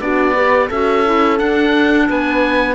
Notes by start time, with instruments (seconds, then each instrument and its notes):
0.00 cello B3, clarinet D4, horn F#4, oboe D5
0.35 clarinet G4, horn B4
0.68 cello C#4, clarinet F#4, horn A4, oboe E5
1.05 clarinet E4
1.37 clarinet D4, cello D4, oboe F#5
2.08 cello B3, horn B4, oboe G#5